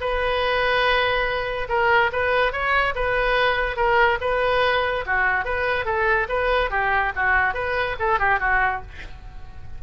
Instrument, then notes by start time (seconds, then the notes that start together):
oboe
0.00 B4
1.69 A#4
2.12 B4
2.52 C#5
2.95 B4
3.76 A#4
4.21 B4
5.06 F#4
5.44 B4
5.85 A4
6.29 B4
6.70 G4
7.15 F#4
7.54 B4
7.99 A4
8.19 G4
8.39 F#4